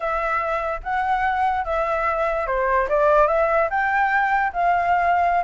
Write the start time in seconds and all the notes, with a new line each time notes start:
0.00 E5
0.83 F#5
1.64 E5
2.47 C5
2.89 D5
3.27 E5
3.70 G5
4.52 F5